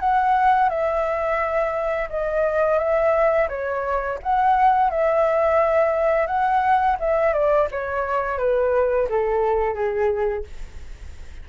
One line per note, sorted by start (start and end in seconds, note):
0.00 0.69 F#5
0.69 2.09 E5
2.10 2.78 D#5
2.78 3.48 E5
3.49 4.19 C#5
4.23 4.91 F#5
4.91 6.27 E5
6.27 6.96 F#5
6.99 7.33 E5
7.33 7.68 D5
7.71 8.38 C#5
8.38 9.08 B4
9.09 9.74 A4
9.74 10.44 G#4